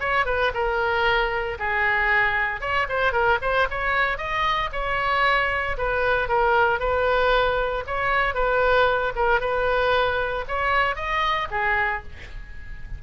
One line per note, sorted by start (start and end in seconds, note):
0.00 0.26 C#5
0.26 0.52 B4
0.54 1.58 A#4
1.59 2.61 G#4
2.61 2.87 C#5
2.89 3.12 C5
3.12 3.38 A#4
3.42 3.68 C5
3.70 4.18 C#5
4.18 4.70 D#5
4.72 5.77 C#5
5.77 6.28 B4
6.28 6.80 A#4
6.80 7.84 B4
7.87 8.34 C#5
8.34 9.13 B4
9.16 9.40 A#4
9.40 10.45 B4
10.48 10.95 C#5
10.95 11.48 D#5
11.51 12.03 G#4